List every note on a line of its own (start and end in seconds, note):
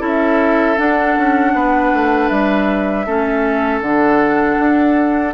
0.00 0.77 C#4
0.00 0.76 E4
0.00 1.52 A4
0.00 0.78 E5
0.77 3.05 D4
0.77 1.17 D4
0.77 2.28 F#5
1.17 1.54 C#4
1.54 1.92 B3
1.54 3.06 B4
1.94 2.30 A3
2.28 3.06 G3
2.28 3.80 E5
3.06 3.81 A3
3.06 3.83 C#4
3.06 5.34 A4
3.81 4.57 D3
3.81 5.34 D4
3.81 5.33 F#5
4.58 5.34 D4